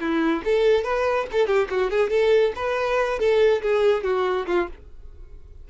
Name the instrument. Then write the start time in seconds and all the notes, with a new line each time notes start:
violin
0.00 E4
0.45 A4
0.84 B4
1.32 A4
1.47 G4
1.70 F#4
1.91 G#4
2.10 A4
2.56 B4
3.19 A4
3.62 G#4
4.04 F#4
4.47 F4